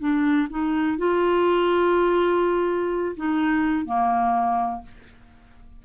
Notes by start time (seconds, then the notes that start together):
0.00 D4
0.50 D#4
0.98 F4
3.17 D#4
3.86 A#3